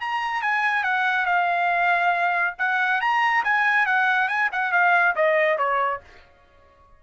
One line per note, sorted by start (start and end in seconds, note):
0.00 0.42 A#5
0.42 0.83 G#5
0.83 1.25 F#5
1.25 2.54 F5
2.58 3.01 F#5
3.01 3.43 A#5
3.44 3.86 G#5
3.86 4.28 F#5
4.28 4.49 G#5
4.52 4.72 F#5
4.72 5.15 F5
5.15 5.58 D#5
5.58 6.01 C#5